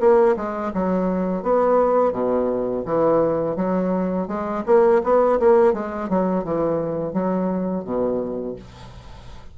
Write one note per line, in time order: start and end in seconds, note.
0.00 0.36 A#3
0.36 0.72 G#3
0.74 1.43 F#3
1.43 2.12 B3
2.12 2.84 B2
2.85 3.56 E3
3.56 4.28 F#3
4.28 4.63 G#3
4.66 5.02 A#3
5.04 5.39 B3
5.40 5.73 A#3
5.73 6.09 G#3
6.09 6.44 F#3
6.44 7.13 E3
7.13 7.84 F#3
7.84 8.56 B2